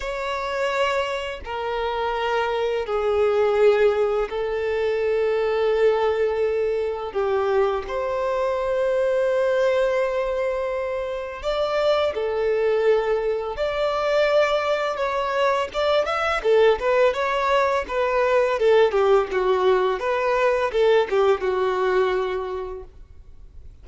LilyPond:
\new Staff \with { instrumentName = "violin" } { \time 4/4 \tempo 4 = 84 cis''2 ais'2 | gis'2 a'2~ | a'2 g'4 c''4~ | c''1 |
d''4 a'2 d''4~ | d''4 cis''4 d''8 e''8 a'8 b'8 | cis''4 b'4 a'8 g'8 fis'4 | b'4 a'8 g'8 fis'2 | }